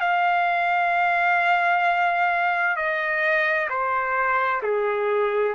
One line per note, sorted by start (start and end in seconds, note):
0.00 2.76 F5
2.76 3.68 D#5
3.69 4.62 C5
4.62 5.55 G#4